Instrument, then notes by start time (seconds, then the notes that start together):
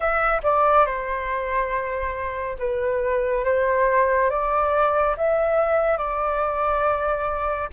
flute
0.00 E5
0.43 D5
0.86 C5
2.58 B4
3.44 C5
4.29 D5
5.17 E5
5.97 D5